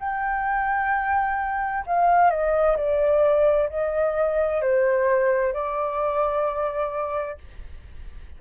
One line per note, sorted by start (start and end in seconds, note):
0.00 1.85 G5
1.87 2.31 F5
2.31 2.77 D#5
2.77 3.69 D5
3.70 4.62 D#5
4.62 5.53 C5
5.53 7.38 D5